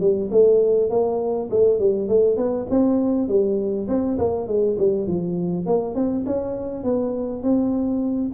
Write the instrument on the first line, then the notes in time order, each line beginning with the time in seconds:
tuba
0.00 G3
0.31 A3
0.90 A#3
1.50 A3
1.79 G3
2.08 A3
2.37 B3
2.70 C4
3.28 G3
3.88 C4
4.18 A#3
4.47 G#3
4.78 G3
5.07 F3
5.65 A#3
5.95 C4
6.26 C#4
6.83 B3
7.42 C4